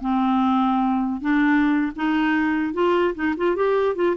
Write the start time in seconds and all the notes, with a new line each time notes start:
0.00 C4
1.21 D4
1.95 D#4
2.73 F4
3.14 D#4
3.36 F4
3.56 G4
3.95 F4